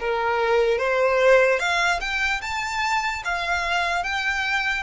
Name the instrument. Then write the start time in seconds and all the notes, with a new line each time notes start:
violin
0.00 A#4
0.78 C5
1.59 F5
2.00 G5
2.41 A5
3.24 F5
4.04 G5